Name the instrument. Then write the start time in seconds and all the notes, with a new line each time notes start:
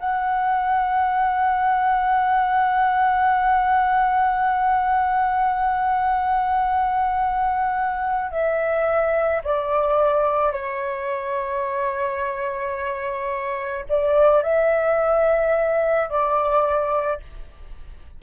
flute
0.00 F#5
8.31 E5
9.44 D5
10.52 C#5
13.89 D5
14.43 E5
16.09 D5